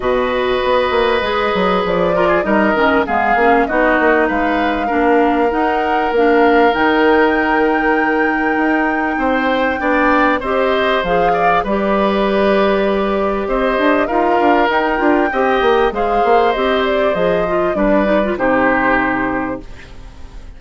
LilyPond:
<<
  \new Staff \with { instrumentName = "flute" } { \time 4/4 \tempo 4 = 98 dis''2. d''4 | dis''4 f''4 dis''4 f''4~ | f''4 fis''4 f''4 g''4~ | g''1~ |
g''4 dis''4 f''4 d''4~ | d''2 dis''4 f''4 | g''2 f''4 dis''8 d''8 | dis''4 d''4 c''2 | }
  \new Staff \with { instrumentName = "oboe" } { \time 4/4 b'2.~ b'8 ais'16 gis'16 | ais'4 gis'4 fis'4 b'4 | ais'1~ | ais'2. c''4 |
d''4 c''4. d''8 b'4~ | b'2 c''4 ais'4~ | ais'4 dis''4 c''2~ | c''4 b'4 g'2 | }
  \new Staff \with { instrumentName = "clarinet" } { \time 4/4 fis'2 gis'4. f'8 | dis'8 cis'8 b8 cis'8 dis'2 | d'4 dis'4 d'4 dis'4~ | dis'1 |
d'4 g'4 gis'4 g'4~ | g'2. f'4 | dis'8 f'8 g'4 gis'4 g'4 | gis'8 f'8 d'8 dis'16 f'16 dis'2 | }
  \new Staff \with { instrumentName = "bassoon" } { \time 4/4 b,4 b8 ais8 gis8 fis8 f4 | g8 dis8 gis8 ais8 b8 ais8 gis4 | ais4 dis'4 ais4 dis4~ | dis2 dis'4 c'4 |
b4 c'4 f4 g4~ | g2 c'8 d'8 dis'8 d'8 | dis'8 d'8 c'8 ais8 gis8 ais8 c'4 | f4 g4 c2 | }
>>